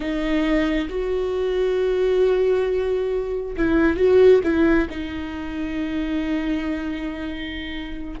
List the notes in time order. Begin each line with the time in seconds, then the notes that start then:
0.00 D#4
0.89 F#4
3.56 E4
3.97 F#4
4.43 E4
4.89 D#4